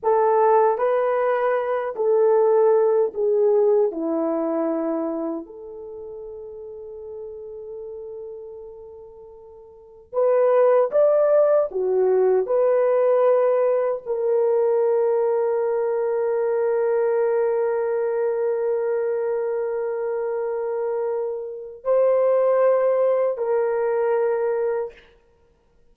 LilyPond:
\new Staff \with { instrumentName = "horn" } { \time 4/4 \tempo 4 = 77 a'4 b'4. a'4. | gis'4 e'2 a'4~ | a'1~ | a'4 b'4 d''4 fis'4 |
b'2 ais'2~ | ais'1~ | ais'1 | c''2 ais'2 | }